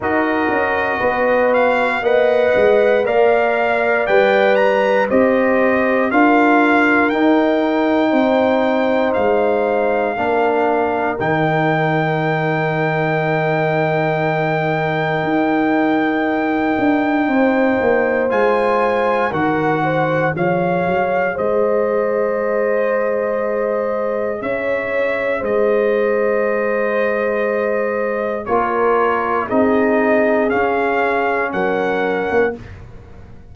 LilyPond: <<
  \new Staff \with { instrumentName = "trumpet" } { \time 4/4 \tempo 4 = 59 dis''4. f''8 fis''4 f''4 | g''8 ais''8 dis''4 f''4 g''4~ | g''4 f''2 g''4~ | g''1~ |
g''2 gis''4 fis''4 | f''4 dis''2. | e''4 dis''2. | cis''4 dis''4 f''4 fis''4 | }
  \new Staff \with { instrumentName = "horn" } { \time 4/4 ais'4 b'4 dis''4 d''4~ | d''4 c''4 ais'2 | c''2 ais'2~ | ais'1~ |
ais'4 c''2 ais'8 c''8 | cis''4 c''2. | cis''4 c''2. | ais'4 gis'2 ais'4 | }
  \new Staff \with { instrumentName = "trombone" } { \time 4/4 fis'2 b'4 ais'4 | b'4 g'4 f'4 dis'4~ | dis'2 d'4 dis'4~ | dis'1~ |
dis'2 f'4 fis'4 | gis'1~ | gis'1 | f'4 dis'4 cis'2 | }
  \new Staff \with { instrumentName = "tuba" } { \time 4/4 dis'8 cis'8 b4 ais8 gis8 ais4 | g4 c'4 d'4 dis'4 | c'4 gis4 ais4 dis4~ | dis2. dis'4~ |
dis'8 d'8 c'8 ais8 gis4 dis4 | f8 fis8 gis2. | cis'4 gis2. | ais4 c'4 cis'4 fis8. ais16 | }
>>